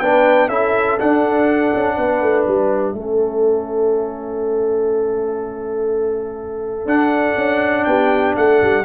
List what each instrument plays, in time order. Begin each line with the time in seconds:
0.00 tuba B3, trombone D4, horn B4, trumpet G5
0.49 tuba C#4, trombone E4, horn A4, trumpet E5
1.00 trombone D4, tuba D4, trumpet F#5
1.75 tuba C#4
1.97 tuba B3, horn B4
2.22 tuba A3
2.46 tuba G3, trumpet E5
2.94 tuba A3, trombone C#4, horn A4
6.86 tuba D4, trombone D4, trumpet F#5
7.37 tuba C#4
7.85 tuba B3, horn G4, trumpet G5
8.37 tuba A3, horn A4, trumpet F#5
8.63 tuba G3